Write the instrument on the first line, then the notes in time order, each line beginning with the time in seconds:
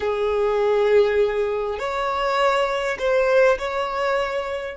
violin
0.00 G#4
1.78 C#5
2.98 C5
3.58 C#5